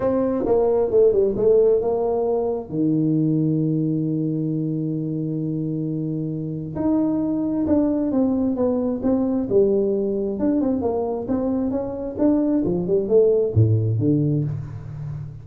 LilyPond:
\new Staff \with { instrumentName = "tuba" } { \time 4/4 \tempo 4 = 133 c'4 ais4 a8 g8 a4 | ais2 dis2~ | dis1~ | dis2. dis'4~ |
dis'4 d'4 c'4 b4 | c'4 g2 d'8 c'8 | ais4 c'4 cis'4 d'4 | f8 g8 a4 a,4 d4 | }